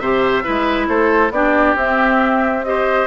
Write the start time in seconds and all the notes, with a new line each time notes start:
0.00 C3 G4 C5 E5
0.43 G#3 E4 B4
0.88 A3 A4 C5
1.31 B3 D4 G4 D5
1.75 C4 E5
2.65 G4 C5 D#5